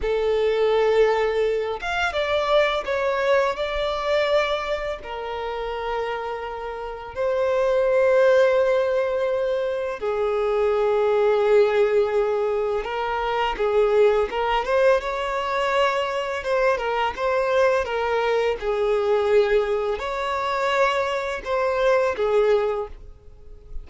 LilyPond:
\new Staff \with { instrumentName = "violin" } { \time 4/4 \tempo 4 = 84 a'2~ a'8 f''8 d''4 | cis''4 d''2 ais'4~ | ais'2 c''2~ | c''2 gis'2~ |
gis'2 ais'4 gis'4 | ais'8 c''8 cis''2 c''8 ais'8 | c''4 ais'4 gis'2 | cis''2 c''4 gis'4 | }